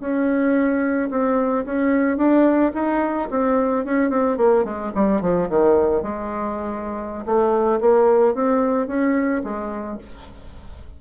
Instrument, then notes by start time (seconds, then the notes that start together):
bassoon
0.00 C#4
1.10 C4
1.65 C#4
2.17 D4
2.74 D#4
3.30 C4
3.85 C#4
4.10 C4
4.37 A#3
4.64 G#3
4.95 G3
5.21 F3
5.49 D#3
6.02 G#3
7.25 A3
7.80 A#3
8.34 C4
8.87 C#4
9.43 G#3